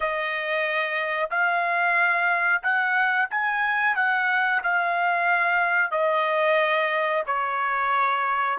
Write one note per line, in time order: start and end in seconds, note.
0.00 1.29 D#5
1.30 2.62 F5
2.62 3.28 F#5
3.30 3.95 G#5
3.95 4.61 F#5
4.63 5.91 F5
5.91 7.23 D#5
7.26 8.58 C#5